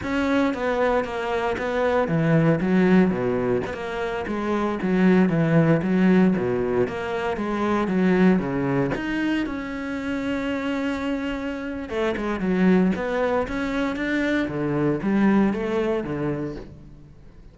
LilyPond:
\new Staff \with { instrumentName = "cello" } { \time 4/4 \tempo 4 = 116 cis'4 b4 ais4 b4 | e4 fis4 b,4 b16 ais8.~ | ais16 gis4 fis4 e4 fis8.~ | fis16 b,4 ais4 gis4 fis8.~ |
fis16 cis4 dis'4 cis'4.~ cis'16~ | cis'2. a8 gis8 | fis4 b4 cis'4 d'4 | d4 g4 a4 d4 | }